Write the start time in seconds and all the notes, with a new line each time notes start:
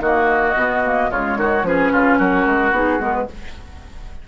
0.00 D#3 A#3 F#4 D#5
0.55 B2 B3
0.84 A#3
1.10 C#3 G#3 F4 C#5
1.37 D#3 F#4
1.63 F3 C#4 G#4 B4
1.92 C#3 F4
2.18 F#3 F#4 A#4
2.46 G#3
2.71 B3 D#4 G#4
2.99 G#3 B3 A#4
3.14 B4